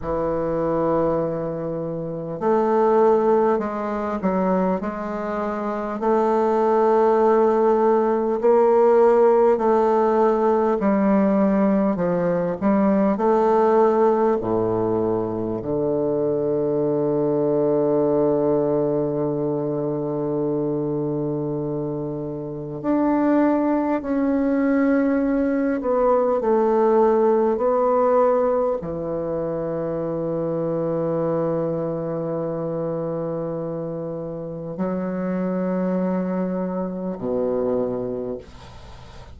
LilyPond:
\new Staff \with { instrumentName = "bassoon" } { \time 4/4 \tempo 4 = 50 e2 a4 gis8 fis8 | gis4 a2 ais4 | a4 g4 f8 g8 a4 | a,4 d2.~ |
d2. d'4 | cis'4. b8 a4 b4 | e1~ | e4 fis2 b,4 | }